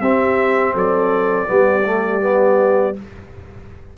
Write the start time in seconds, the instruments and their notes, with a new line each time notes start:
0.00 tuba C4, trombone C4, horn G4, trumpet E5
0.73 tuba F#3, horn A4, trumpet D5
1.47 tuba G3, trombone B3, horn G4
1.84 trombone A3
2.21 trombone B3